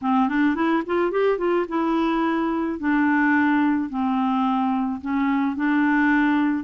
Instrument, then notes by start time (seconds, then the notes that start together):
clarinet
0.01 C4
0.29 D4
0.55 E4
0.86 F4
1.11 G4
1.38 F4
1.68 E4
2.79 D4
3.89 C4
5.01 C#4
5.56 D4